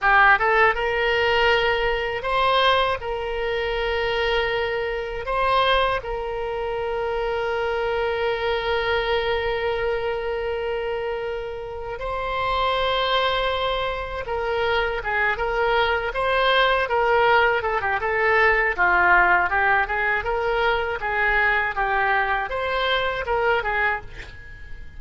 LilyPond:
\new Staff \with { instrumentName = "oboe" } { \time 4/4 \tempo 4 = 80 g'8 a'8 ais'2 c''4 | ais'2. c''4 | ais'1~ | ais'1 |
c''2. ais'4 | gis'8 ais'4 c''4 ais'4 a'16 g'16 | a'4 f'4 g'8 gis'8 ais'4 | gis'4 g'4 c''4 ais'8 gis'8 | }